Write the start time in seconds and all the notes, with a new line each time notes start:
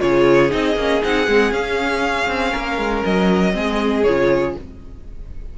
0.00 C#3 F4 G#4 C#5
0.50 C4 D#4 D#5
0.76 A#3 C#4
1.02 C4 D#4 F#5
1.27 G#3 C4
1.52 C#4 F5
2.28 C4
2.52 A#3 A#4
2.78 G#3
3.05 F#3 D#5
3.52 G#3 C4 G#4
4.04 C#3 F4 C#5